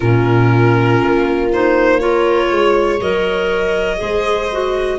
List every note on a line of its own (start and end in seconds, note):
0.00 1.01 A#2
0.00 1.51 C#4
0.00 1.99 F4
0.00 1.49 A#4
1.01 2.50 A#3
1.51 1.99 D#4
1.51 2.00 C5
1.99 2.99 F4
1.99 2.49 A#4
1.99 3.00 C#5
2.49 3.00 G#3
2.49 3.99 C#5
3.00 4.00 F#3
3.00 3.97 A#4
3.00 4.99 D#5
3.97 4.99 G#3
3.97 4.47 G#4
3.97 4.99 C5
4.51 4.99 F#4